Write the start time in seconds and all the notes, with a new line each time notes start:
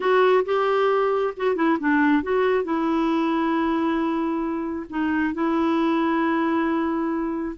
0.00 F#4
0.45 G4
1.36 F#4
1.55 E4
1.79 D4
2.22 F#4
2.64 E4
4.89 D#4
5.34 E4